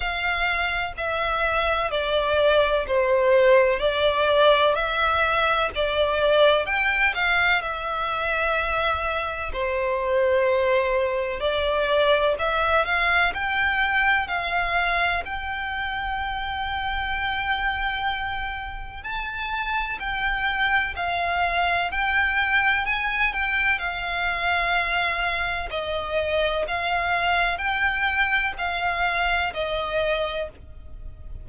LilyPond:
\new Staff \with { instrumentName = "violin" } { \time 4/4 \tempo 4 = 63 f''4 e''4 d''4 c''4 | d''4 e''4 d''4 g''8 f''8 | e''2 c''2 | d''4 e''8 f''8 g''4 f''4 |
g''1 | a''4 g''4 f''4 g''4 | gis''8 g''8 f''2 dis''4 | f''4 g''4 f''4 dis''4 | }